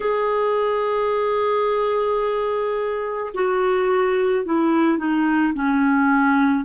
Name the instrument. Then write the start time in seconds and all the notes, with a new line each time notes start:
clarinet
0.00 G#4
3.33 F#4
4.44 E4
4.97 D#4
5.54 C#4